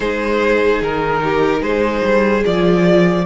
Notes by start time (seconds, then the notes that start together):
0.00 G#3 D#4 G#4 C5
0.81 D#3 A#4
1.23 G4
1.61 G#3 G#4 C5
2.03 G3
2.44 F3 F4 D5